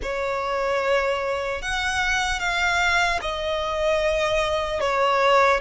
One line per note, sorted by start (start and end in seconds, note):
0.02 1.61 C#5
1.61 2.39 F#5
2.39 3.19 F5
3.21 4.80 D#5
4.80 5.60 C#5